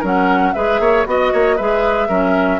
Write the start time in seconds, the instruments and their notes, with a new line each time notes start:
0.00 bassoon F#3, clarinet C#4, oboe A#4, flute F#5
0.53 bassoon G#3, clarinet G#4, oboe B4, flute E5
0.80 bassoon A#3, oboe C#5
1.06 bassoon B3, clarinet F#4, flute D#5, oboe D#5
1.33 bassoon A#3, oboe C#5
1.56 bassoon G#3, clarinet G#4, oboe B4, flute E5
2.08 bassoon F#3, clarinet C#4, oboe A#4